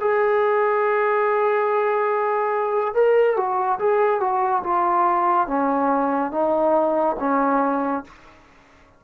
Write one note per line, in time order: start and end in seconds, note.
0.00 2.94 G#4
2.94 3.36 A#4
3.36 3.78 F#4
3.79 4.20 G#4
4.20 4.62 F#4
4.63 5.47 F4
5.47 6.31 C#4
6.31 7.16 D#4
7.19 8.04 C#4